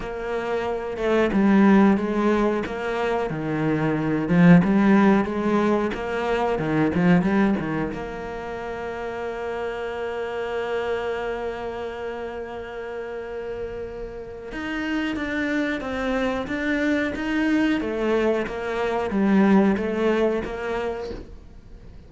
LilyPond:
\new Staff \with { instrumentName = "cello" } { \time 4/4 \tempo 4 = 91 ais4. a8 g4 gis4 | ais4 dis4. f8 g4 | gis4 ais4 dis8 f8 g8 dis8 | ais1~ |
ais1~ | ais2 dis'4 d'4 | c'4 d'4 dis'4 a4 | ais4 g4 a4 ais4 | }